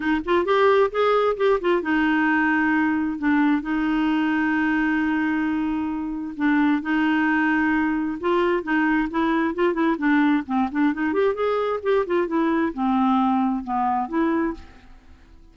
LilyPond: \new Staff \with { instrumentName = "clarinet" } { \time 4/4 \tempo 4 = 132 dis'8 f'8 g'4 gis'4 g'8 f'8 | dis'2. d'4 | dis'1~ | dis'2 d'4 dis'4~ |
dis'2 f'4 dis'4 | e'4 f'8 e'8 d'4 c'8 d'8 | dis'8 g'8 gis'4 g'8 f'8 e'4 | c'2 b4 e'4 | }